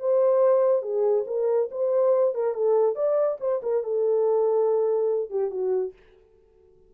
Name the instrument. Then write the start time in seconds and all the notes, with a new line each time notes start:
horn
0.00 C5
0.82 G#4
1.27 A#4
1.71 C5
2.35 A#4
2.54 A4
2.95 D5
3.40 C5
3.63 A#4
3.84 A4
5.30 G4
5.50 F#4